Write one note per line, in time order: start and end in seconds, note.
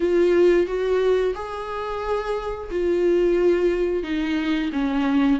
0.00 0.66 F4
0.66 1.34 F#4
1.35 2.69 G#4
2.71 4.03 F4
4.03 4.70 D#4
4.72 5.39 C#4